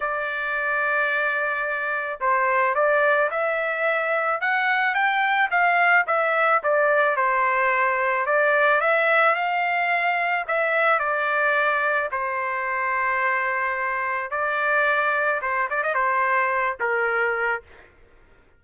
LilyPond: \new Staff \with { instrumentName = "trumpet" } { \time 4/4 \tempo 4 = 109 d''1 | c''4 d''4 e''2 | fis''4 g''4 f''4 e''4 | d''4 c''2 d''4 |
e''4 f''2 e''4 | d''2 c''2~ | c''2 d''2 | c''8 d''16 dis''16 c''4. ais'4. | }